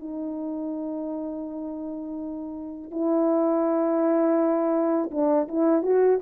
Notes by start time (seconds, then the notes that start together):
0.00 D#4
2.91 E4
5.11 D4
5.48 E4
5.83 F#4